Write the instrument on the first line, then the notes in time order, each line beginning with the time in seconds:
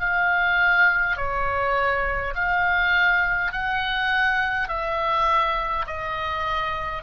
oboe
0.00 F5
1.17 C#5
2.35 F5
3.52 F#5
4.68 E5
5.87 D#5